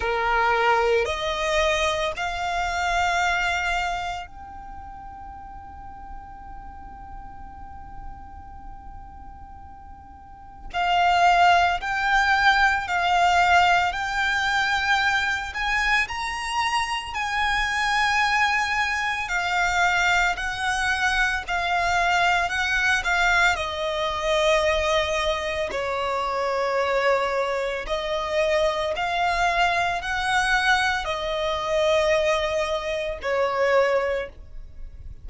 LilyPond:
\new Staff \with { instrumentName = "violin" } { \time 4/4 \tempo 4 = 56 ais'4 dis''4 f''2 | g''1~ | g''2 f''4 g''4 | f''4 g''4. gis''8 ais''4 |
gis''2 f''4 fis''4 | f''4 fis''8 f''8 dis''2 | cis''2 dis''4 f''4 | fis''4 dis''2 cis''4 | }